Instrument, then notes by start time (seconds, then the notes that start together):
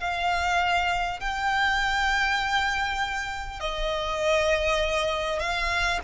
violin
0.00 F5
1.20 G5
3.60 D#5
5.39 F5